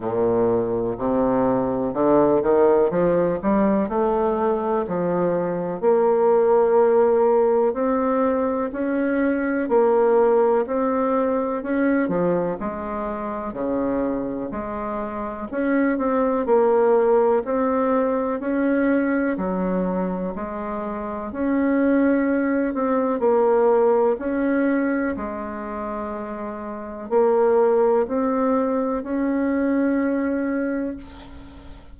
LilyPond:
\new Staff \with { instrumentName = "bassoon" } { \time 4/4 \tempo 4 = 62 ais,4 c4 d8 dis8 f8 g8 | a4 f4 ais2 | c'4 cis'4 ais4 c'4 | cis'8 f8 gis4 cis4 gis4 |
cis'8 c'8 ais4 c'4 cis'4 | fis4 gis4 cis'4. c'8 | ais4 cis'4 gis2 | ais4 c'4 cis'2 | }